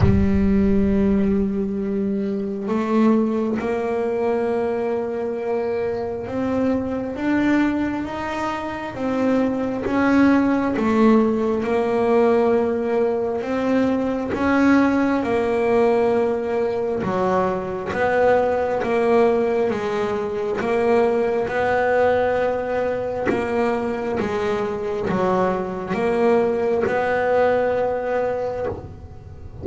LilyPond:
\new Staff \with { instrumentName = "double bass" } { \time 4/4 \tempo 4 = 67 g2. a4 | ais2. c'4 | d'4 dis'4 c'4 cis'4 | a4 ais2 c'4 |
cis'4 ais2 fis4 | b4 ais4 gis4 ais4 | b2 ais4 gis4 | fis4 ais4 b2 | }